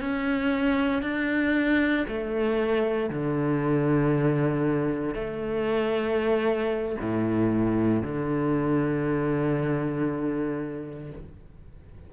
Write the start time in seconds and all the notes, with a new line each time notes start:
0.00 C#4
1.02 D4
2.08 A3
3.10 D3
5.14 A3
7.01 A2
8.02 D3